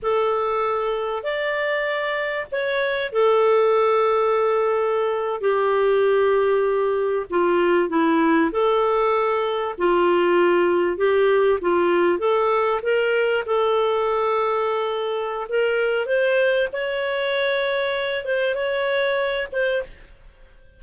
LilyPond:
\new Staff \with { instrumentName = "clarinet" } { \time 4/4 \tempo 4 = 97 a'2 d''2 | cis''4 a'2.~ | a'8. g'2. f'16~ | f'8. e'4 a'2 f'16~ |
f'4.~ f'16 g'4 f'4 a'16~ | a'8. ais'4 a'2~ a'16~ | a'4 ais'4 c''4 cis''4~ | cis''4. c''8 cis''4. c''8 | }